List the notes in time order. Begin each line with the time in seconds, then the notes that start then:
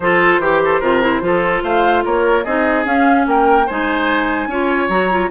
0.00 F3 F4 A4 C5
0.38 E3 G4
0.64 A4
0.80 C3 F4 A#4
1.02 E4
1.21 F3 F4 A4
1.63 A3 C5 F5
2.04 A#3 A#4 C#5
2.44 C4 D#4 G#4 D#5
2.85 C#4 F5
3.26 A#3 A#4 G5
3.66 G#3 D#4 C5 G#5
4.47 C#4 F4 C#5
4.88 F#3 F#4 A#5
5.11 F4